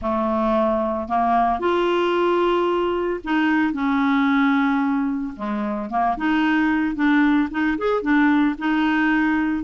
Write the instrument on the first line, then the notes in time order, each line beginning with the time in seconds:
clarinet
0.01 A3
1.08 A#3
1.59 F4
3.24 D#4
3.73 C#4
5.36 G#3
5.90 A#3
6.17 D#4
6.95 D4
7.50 D#4
7.78 G#4
8.02 D4
8.58 D#4